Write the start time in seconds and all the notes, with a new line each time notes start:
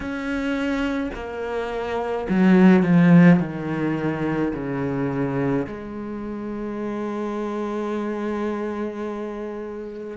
0.00 C#4
1.14 A#3
2.29 F#3
2.83 F3
3.40 D#3
4.53 C#3
5.67 G#3